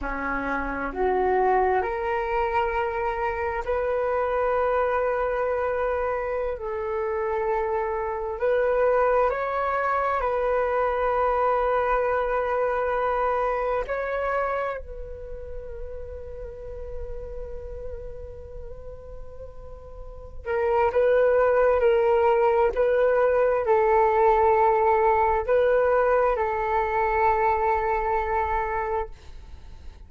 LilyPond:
\new Staff \with { instrumentName = "flute" } { \time 4/4 \tempo 4 = 66 cis'4 fis'4 ais'2 | b'2.~ b'16 a'8.~ | a'4~ a'16 b'4 cis''4 b'8.~ | b'2.~ b'16 cis''8.~ |
cis''16 b'2.~ b'8.~ | b'2~ b'8 ais'8 b'4 | ais'4 b'4 a'2 | b'4 a'2. | }